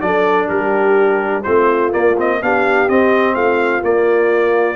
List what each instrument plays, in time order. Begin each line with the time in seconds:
0.00 tuba F#3, trombone D4, horn A4, trumpet D5
0.48 tuba G3, horn G4, trumpet A#4
1.43 tuba A3, trombone C4, horn F4, trumpet C5
1.92 trombone A#3, tuba A#3, trumpet D5
2.17 trombone C4, trumpet D#5
2.42 tuba B3, trombone D4, horn G4, trumpet F5
2.88 tuba C4, trombone C4, trumpet D#5
3.34 tuba A3, horn F4, trumpet F5
3.83 trombone A#3, tuba A#3, trumpet D5